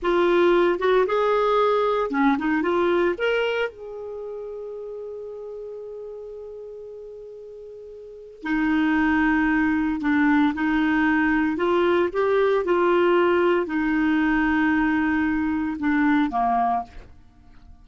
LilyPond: \new Staff \with { instrumentName = "clarinet" } { \time 4/4 \tempo 4 = 114 f'4. fis'8 gis'2 | cis'8 dis'8 f'4 ais'4 gis'4~ | gis'1~ | gis'1 |
dis'2. d'4 | dis'2 f'4 g'4 | f'2 dis'2~ | dis'2 d'4 ais4 | }